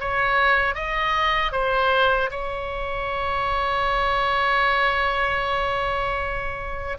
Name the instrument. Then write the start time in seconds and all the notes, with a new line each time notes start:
oboe
0.00 C#5
0.75 D#5
1.52 C5
2.31 C#5